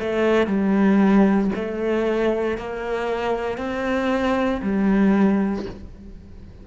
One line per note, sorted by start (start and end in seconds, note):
0.00 0.47 A3
0.47 1.50 G3
1.56 2.58 A3
2.58 3.58 A#3
3.58 4.61 C4
4.62 5.66 G3